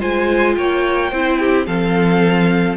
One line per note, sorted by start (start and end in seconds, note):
0.00 0.57 G#3
0.00 1.11 F4
0.00 0.56 C5
0.00 0.55 G#5
0.55 1.12 A#3
0.55 1.11 C#5
0.55 1.66 G5
1.11 1.67 C4
1.11 1.67 E4
1.11 1.39 C5
1.39 1.67 G4
1.67 2.77 F3
1.67 2.77 C4
1.67 2.77 A4
1.67 2.77 F5